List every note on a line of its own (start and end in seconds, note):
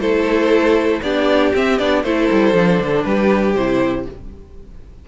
0.00 1.01 A3
0.00 1.02 E4
0.00 1.02 A4
0.00 1.02 C5
1.02 1.53 B3
1.02 1.55 D4
1.02 2.04 G4
1.02 1.53 D5
1.55 1.79 C4
1.55 1.80 C4
1.55 1.79 E5
1.79 2.04 B3
1.79 2.04 D4
1.79 2.04 D5
2.04 2.29 A3
2.04 2.55 E4
2.04 3.05 A4
2.04 3.04 C5
2.32 2.54 G3
2.54 2.80 F3
2.54 3.55 D4
2.80 3.05 D3
3.04 3.56 G3
3.04 4.06 G4
3.04 3.54 B4
3.56 4.06 C3
3.56 4.09 E4
3.56 4.06 C5